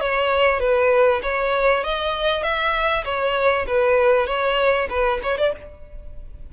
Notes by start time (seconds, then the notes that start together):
0.00 C#5
0.60 B4
1.22 C#5
1.84 D#5
2.43 E5
3.04 C#5
3.67 B4
4.27 C#5
4.90 B4
5.23 C#5
5.38 D5